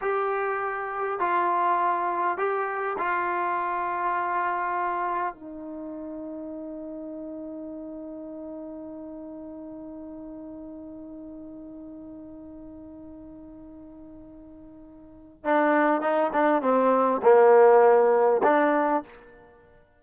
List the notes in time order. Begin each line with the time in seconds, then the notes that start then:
0.01 G4
1.19 F4
2.37 G4
2.98 F4
5.34 D#4
15.44 D4
16.01 D#4
16.33 D4
16.61 C4
17.23 A#3
18.43 D4